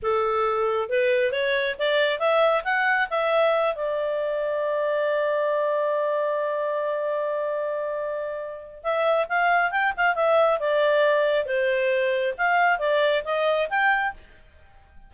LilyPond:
\new Staff \with { instrumentName = "clarinet" } { \time 4/4 \tempo 4 = 136 a'2 b'4 cis''4 | d''4 e''4 fis''4 e''4~ | e''8 d''2.~ d''8~ | d''1~ |
d''1 | e''4 f''4 g''8 f''8 e''4 | d''2 c''2 | f''4 d''4 dis''4 g''4 | }